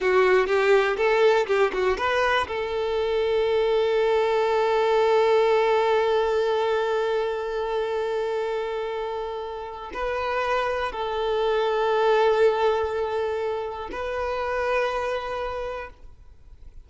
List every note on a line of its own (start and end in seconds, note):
0.00 0.46 F#4
0.46 0.96 G4
0.97 1.46 A4
1.46 1.71 G4
1.73 1.97 F#4
1.97 2.47 B4
2.47 9.91 A4
9.93 10.92 B4
10.92 13.89 A4
13.91 15.89 B4